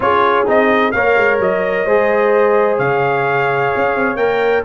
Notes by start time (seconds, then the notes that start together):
0.00 C#4 F4 G#4 C#5
0.46 C4 D#4 D#5
0.91 A#3 A#4 C#5 F5
1.17 G#3
1.39 F#3 D#5
1.85 G#3 G#4 C5
2.78 C#3 C#5 F5
3.76 C#4
3.95 C4
4.16 A#3 A#4 G5